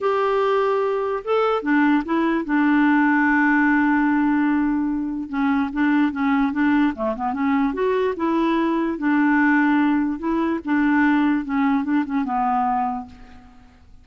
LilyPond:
\new Staff \with { instrumentName = "clarinet" } { \time 4/4 \tempo 4 = 147 g'2. a'4 | d'4 e'4 d'2~ | d'1~ | d'4 cis'4 d'4 cis'4 |
d'4 a8 b8 cis'4 fis'4 | e'2 d'2~ | d'4 e'4 d'2 | cis'4 d'8 cis'8 b2 | }